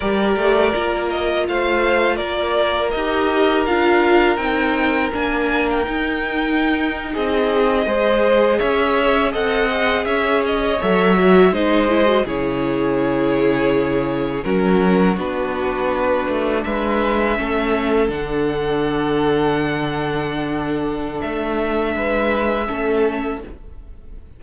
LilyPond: <<
  \new Staff \with { instrumentName = "violin" } { \time 4/4 \tempo 4 = 82 d''4. dis''8 f''4 d''4 | dis''4 f''4 g''4 gis''8. g''16~ | g''4.~ g''16 dis''2 e''16~ | e''8. fis''4 e''8 dis''8 e''4 dis''16~ |
dis''8. cis''2. ais'16~ | ais'8. b'2 e''4~ e''16~ | e''8. fis''2.~ fis''16~ | fis''4 e''2. | }
  \new Staff \with { instrumentName = "violin" } { \time 4/4 ais'2 c''4 ais'4~ | ais'1~ | ais'4.~ ais'16 gis'4 c''4 cis''16~ | cis''8. dis''4 cis''2 c''16~ |
c''8. gis'2. fis'16~ | fis'2~ fis'8. b'4 a'16~ | a'1~ | a'2 b'4 a'4 | }
  \new Staff \with { instrumentName = "viola" } { \time 4/4 g'4 f'2. | g'4 f'4 dis'4 d'4 | dis'2~ dis'8. gis'4~ gis'16~ | gis'8. a'8 gis'4. a'8 fis'8 dis'16~ |
dis'16 e'16 fis'16 e'2. cis'16~ | cis'8. d'2. cis'16~ | cis'8. d'2.~ d'16~ | d'2. cis'4 | }
  \new Staff \with { instrumentName = "cello" } { \time 4/4 g8 a8 ais4 a4 ais4 | dis'4 d'4 c'4 ais4 | dis'4.~ dis'16 c'4 gis4 cis'16~ | cis'8. c'4 cis'4 fis4 gis16~ |
gis8. cis2. fis16~ | fis8. b4. a8 gis4 a16~ | a8. d2.~ d16~ | d4 a4 gis4 a4 | }
>>